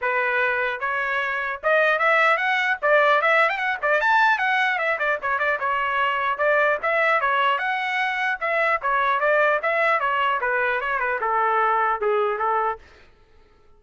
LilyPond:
\new Staff \with { instrumentName = "trumpet" } { \time 4/4 \tempo 4 = 150 b'2 cis''2 | dis''4 e''4 fis''4 d''4 | e''8. g''16 fis''8 d''8 a''4 fis''4 | e''8 d''8 cis''8 d''8 cis''2 |
d''4 e''4 cis''4 fis''4~ | fis''4 e''4 cis''4 d''4 | e''4 cis''4 b'4 cis''8 b'8 | a'2 gis'4 a'4 | }